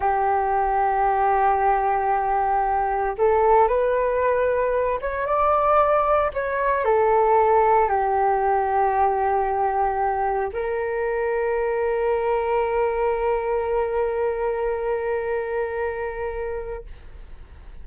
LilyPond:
\new Staff \with { instrumentName = "flute" } { \time 4/4 \tempo 4 = 114 g'1~ | g'2 a'4 b'4~ | b'4. cis''8 d''2 | cis''4 a'2 g'4~ |
g'1 | ais'1~ | ais'1~ | ais'1 | }